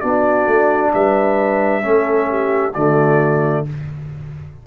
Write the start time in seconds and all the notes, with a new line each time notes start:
0.00 B3 D4 F#4 D5
0.47 A3
0.92 G3 B4 E5
1.82 A3 C#4 A4
2.29 G4
2.73 D3 A3 F#4 D5